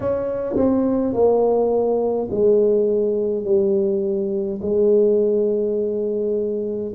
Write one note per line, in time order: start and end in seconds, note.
0.00 0.55 C#4
0.56 1.13 C4
1.13 2.28 A#3
2.30 3.44 G#3
3.44 4.59 G3
4.62 6.92 G#3